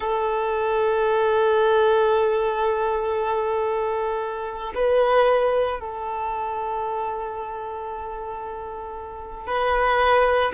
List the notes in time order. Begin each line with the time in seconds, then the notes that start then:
0.00 A4
4.74 B4
5.80 A4
9.47 B4